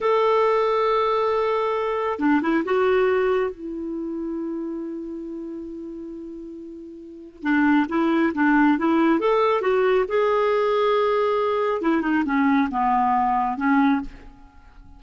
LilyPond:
\new Staff \with { instrumentName = "clarinet" } { \time 4/4 \tempo 4 = 137 a'1~ | a'4 d'8 e'8 fis'2 | e'1~ | e'1~ |
e'4 d'4 e'4 d'4 | e'4 a'4 fis'4 gis'4~ | gis'2. e'8 dis'8 | cis'4 b2 cis'4 | }